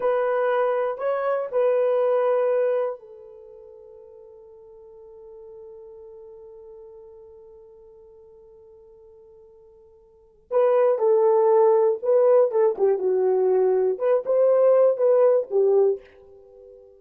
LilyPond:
\new Staff \with { instrumentName = "horn" } { \time 4/4 \tempo 4 = 120 b'2 cis''4 b'4~ | b'2 a'2~ | a'1~ | a'1~ |
a'1~ | a'4 b'4 a'2 | b'4 a'8 g'8 fis'2 | b'8 c''4. b'4 g'4 | }